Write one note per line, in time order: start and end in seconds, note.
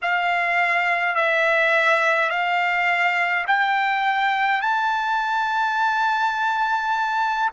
0.02 1.15 F5
1.15 2.29 E5
2.29 3.45 F5
3.47 4.61 G5
4.61 7.49 A5